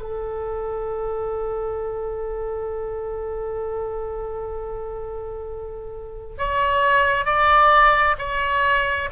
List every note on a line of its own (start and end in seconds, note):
0.00 6.36 A4
6.38 7.25 C#5
7.25 8.16 D5
8.18 9.09 C#5